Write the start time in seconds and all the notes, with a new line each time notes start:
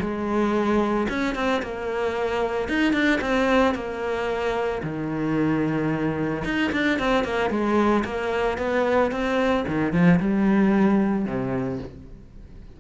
0.00 G#3
1.09 C#4
1.35 C4
1.62 A#3
2.69 D#4
2.93 D4
3.21 C4
3.75 A#3
4.83 D#3
6.45 D#4
6.72 D4
6.99 C4
7.24 A#3
7.50 G#3
8.05 A#3
8.58 B3
9.11 C4
9.68 D#3
9.93 F3
10.20 G3
11.25 C3